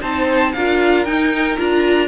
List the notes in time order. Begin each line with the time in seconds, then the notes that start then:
0.00 C4 D#4 C5 A5
0.52 D4 F4 A#4 F5
1.05 D#4 G5
1.58 D4 F4 A#5